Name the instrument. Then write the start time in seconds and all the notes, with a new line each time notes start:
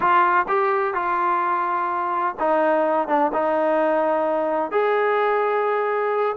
trombone
0.00 F4
0.48 G4
0.93 F4
2.39 D#4
3.08 D4
3.33 D#4
4.71 G#4